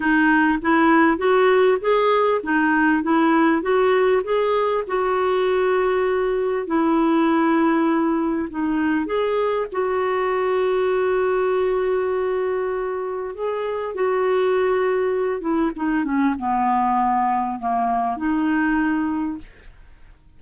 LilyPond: \new Staff \with { instrumentName = "clarinet" } { \time 4/4 \tempo 4 = 99 dis'4 e'4 fis'4 gis'4 | dis'4 e'4 fis'4 gis'4 | fis'2. e'4~ | e'2 dis'4 gis'4 |
fis'1~ | fis'2 gis'4 fis'4~ | fis'4. e'8 dis'8 cis'8 b4~ | b4 ais4 dis'2 | }